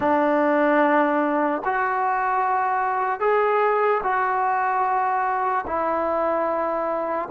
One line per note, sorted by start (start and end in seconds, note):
0.00 1.62 D4
1.64 3.20 F#4
3.20 4.01 G#4
4.03 5.65 F#4
5.66 7.28 E4